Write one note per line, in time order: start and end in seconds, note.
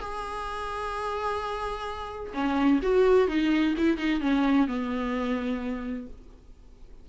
0.00 2.33 G#4
2.34 2.80 C#4
2.82 3.28 F#4
3.28 3.74 D#4
3.78 3.97 E4
3.97 4.21 D#4
4.21 4.67 C#4
4.68 6.07 B3